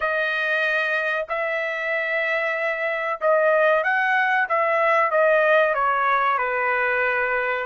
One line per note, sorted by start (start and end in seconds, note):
0.00 1.26 D#5
1.29 3.20 E5
3.20 3.83 D#5
3.83 4.47 F#5
4.49 5.10 E5
5.10 5.74 D#5
5.74 6.38 C#5
6.38 7.65 B4